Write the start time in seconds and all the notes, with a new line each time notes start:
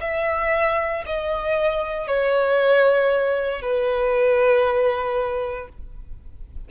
0.00 E5
1.05 D#5
2.07 C#5
3.61 B4